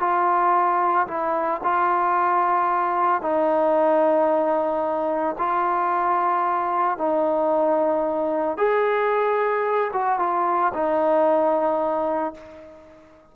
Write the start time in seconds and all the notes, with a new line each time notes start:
0.00 F4
1.08 E4
1.64 F4
3.22 D#4
5.38 F4
6.98 D#4
8.58 G#4
9.93 F#4
10.19 F4
10.74 D#4